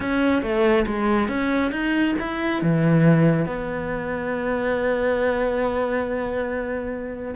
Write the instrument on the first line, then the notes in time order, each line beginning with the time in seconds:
cello
0.00 C#4
0.42 A3
0.86 G#3
1.28 C#4
1.71 D#4
2.19 E4
2.62 E3
3.46 B3